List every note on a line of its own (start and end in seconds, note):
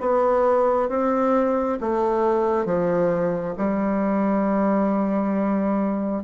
0.00 0.89 B3
0.89 1.78 C4
1.80 2.65 A3
2.65 3.55 F3
3.57 6.23 G3